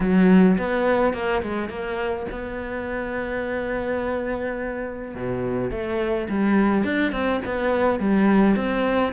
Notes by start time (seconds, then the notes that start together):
0.00 F#3
0.58 B3
1.13 A#3
1.42 G#3
1.69 A#3
2.31 B3
5.14 B2
5.70 A3
6.29 G3
6.84 D4
7.12 C4
7.45 B3
7.99 G3
8.56 C4